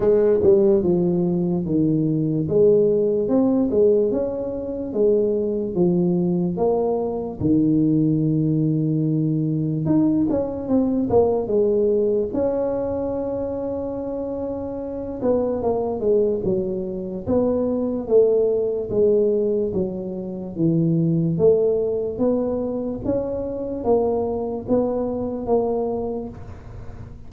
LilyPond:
\new Staff \with { instrumentName = "tuba" } { \time 4/4 \tempo 4 = 73 gis8 g8 f4 dis4 gis4 | c'8 gis8 cis'4 gis4 f4 | ais4 dis2. | dis'8 cis'8 c'8 ais8 gis4 cis'4~ |
cis'2~ cis'8 b8 ais8 gis8 | fis4 b4 a4 gis4 | fis4 e4 a4 b4 | cis'4 ais4 b4 ais4 | }